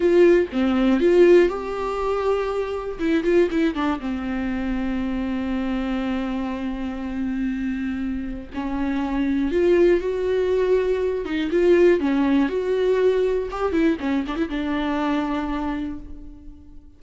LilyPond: \new Staff \with { instrumentName = "viola" } { \time 4/4 \tempo 4 = 120 f'4 c'4 f'4 g'4~ | g'2 e'8 f'8 e'8 d'8 | c'1~ | c'1~ |
c'4 cis'2 f'4 | fis'2~ fis'8 dis'8 f'4 | cis'4 fis'2 g'8 e'8 | cis'8 d'16 e'16 d'2. | }